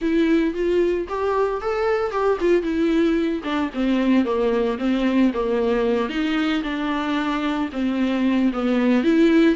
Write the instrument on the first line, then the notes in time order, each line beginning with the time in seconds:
viola
0.01 E4
0.54 F4
1.08 G4
1.61 A4
2.11 G4
2.40 F4
2.62 E4
3.43 D4
3.74 C4
4.24 A#3
4.78 C4
5.33 A#3
6.09 D#4
6.63 D4
7.72 C4
8.52 B3
9.03 E4